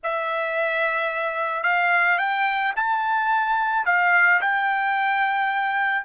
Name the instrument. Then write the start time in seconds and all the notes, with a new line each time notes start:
trumpet
0.03 E5
1.63 F5
2.18 G5
2.75 A5
3.85 F5
4.41 G5